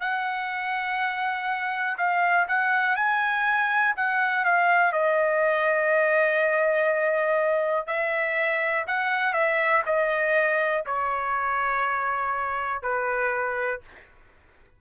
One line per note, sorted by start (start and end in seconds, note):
0.00 1.97 F#5
1.97 2.46 F5
2.47 2.96 F#5
2.96 3.94 G#5
3.96 4.44 F#5
4.44 4.92 F5
4.92 7.86 D#5
7.86 8.85 E5
8.87 9.33 F#5
9.33 9.82 E5
9.85 10.84 D#5
10.86 12.82 C#5
12.82 13.80 B4